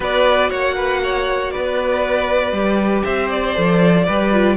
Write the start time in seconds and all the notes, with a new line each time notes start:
0.00 B3 F#4 B4 D5
0.49 A#3 C#5 F#5
0.76 B4
1.03 C#5
1.50 B4 D5
1.56 B3
2.51 G3 G4
3.03 C4 C5 E5
3.30 D5
3.55 F3 A4
4.05 G3 G4 B4
4.32 F4